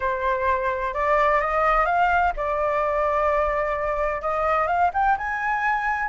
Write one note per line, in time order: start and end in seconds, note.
0.00 0.94 C5
0.94 1.40 D5
1.41 1.85 D#5
1.85 2.32 F5
2.36 4.21 D5
4.21 4.67 D#5
4.67 4.90 F5
4.93 5.17 G5
5.17 6.08 G#5